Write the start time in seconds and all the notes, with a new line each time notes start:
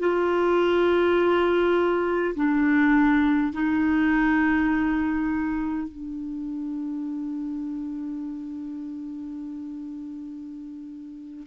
0.00 F4
2.36 D4
3.53 D#4
5.89 D4